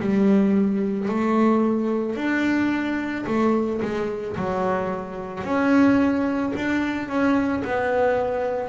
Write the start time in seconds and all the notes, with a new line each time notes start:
0.00 G3
1.08 A3
2.16 D4
3.26 A3
3.81 G#3
4.36 F#3
5.43 C#4
6.56 D4
7.08 C#4
7.64 B3